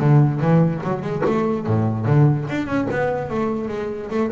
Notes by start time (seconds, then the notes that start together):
0.00 D3
0.41 E3
0.84 F#3
1.02 G#3
1.26 A3
1.67 A2
2.06 D3
2.50 D4
2.67 C#4
2.91 B3
3.31 A3
3.69 G#3
4.11 A3